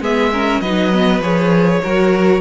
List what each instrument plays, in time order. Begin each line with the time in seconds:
0.00 cello G#3, viola B3, violin G#4 E5
0.33 viola C#4, violin A#4
0.61 cello F#3, viola D#4, violin B4 D#5
0.92 viola B3
1.20 cello F3, viola G#4, violin C#5
1.83 cello F#3, viola F#4, violin A#4